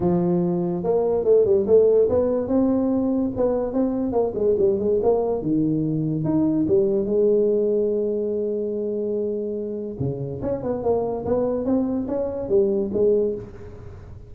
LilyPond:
\new Staff \with { instrumentName = "tuba" } { \time 4/4 \tempo 4 = 144 f2 ais4 a8 g8 | a4 b4 c'2 | b4 c'4 ais8 gis8 g8 gis8 | ais4 dis2 dis'4 |
g4 gis2.~ | gis1 | cis4 cis'8 b8 ais4 b4 | c'4 cis'4 g4 gis4 | }